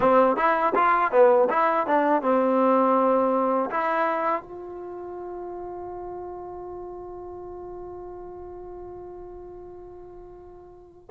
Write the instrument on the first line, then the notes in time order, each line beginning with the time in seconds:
trombone
0.00 C4
0.36 E4
0.75 F4
1.11 B3
1.49 E4
1.87 D4
2.22 C4
3.70 E4
4.42 F4